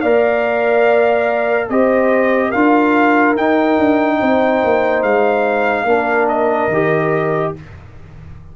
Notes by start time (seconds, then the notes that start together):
0.00 A#3 A#4 D5 F5
1.69 C4 G4 C5 D#5
2.49 D4 F4 A#4 F5
3.36 D#4 G5
3.78 D4
4.19 C4 C5
4.64 A#3
5.03 G#3 F5
5.83 A#3 D4 A#4
6.28 D#5
6.68 D#3 G4